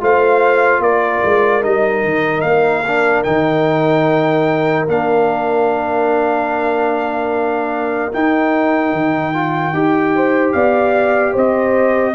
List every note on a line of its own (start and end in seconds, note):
0.00 0.79 A3
0.00 1.61 F4
0.00 0.83 C5
0.00 0.82 F5
0.79 1.20 A#3
0.79 10.14 A#4
0.79 1.63 D5
1.24 1.64 G#3
1.61 2.03 G3
1.61 2.83 D#4
1.61 2.40 D#5
2.03 2.42 D#3
2.40 3.23 A#3
2.40 3.21 F5
2.87 3.25 D4
3.23 4.87 D#3
3.23 4.87 D#4
3.23 4.85 G5
4.87 8.12 A#3
4.87 8.11 D4
4.87 8.13 F5
8.12 9.33 D#4
8.12 8.92 D#4
8.12 10.52 G5
8.92 9.72 D#3
9.33 9.74 F4
9.72 10.53 D#4
9.72 12.14 G4
10.14 10.54 C5
10.52 11.35 B3
10.52 11.32 D5
10.52 11.33 F5
11.32 12.14 C4
11.32 12.14 C5
11.32 12.14 D#5